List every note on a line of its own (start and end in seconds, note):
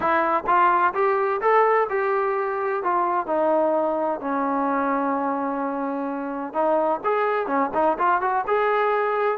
0.00 0.44 E4
0.46 0.93 F4
0.94 1.40 G4
1.41 1.87 A4
1.89 2.83 G4
2.83 3.26 F4
3.26 4.20 D#4
4.20 6.53 C#4
6.53 7.00 D#4
7.04 7.47 G#4
7.47 7.70 C#4
7.74 7.97 D#4
7.98 8.21 F4
8.21 8.44 F#4
8.47 9.37 G#4